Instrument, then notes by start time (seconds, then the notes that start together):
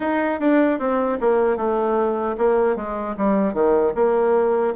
bassoon
0.00 D#4
0.39 D4
0.79 C4
1.20 A#3
1.56 A3
2.37 A#3
2.76 G#3
3.17 G3
3.53 D#3
3.95 A#3